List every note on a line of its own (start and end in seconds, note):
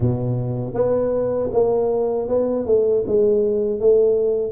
0.00 0.74 B2
0.74 1.50 B3
1.52 2.28 A#3
2.28 2.66 B3
2.66 3.04 A3
3.07 3.79 G#3
3.79 4.52 A3